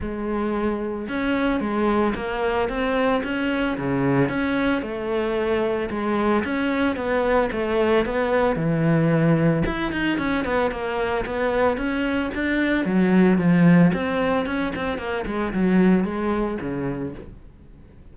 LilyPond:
\new Staff \with { instrumentName = "cello" } { \time 4/4 \tempo 4 = 112 gis2 cis'4 gis4 | ais4 c'4 cis'4 cis4 | cis'4 a2 gis4 | cis'4 b4 a4 b4 |
e2 e'8 dis'8 cis'8 b8 | ais4 b4 cis'4 d'4 | fis4 f4 c'4 cis'8 c'8 | ais8 gis8 fis4 gis4 cis4 | }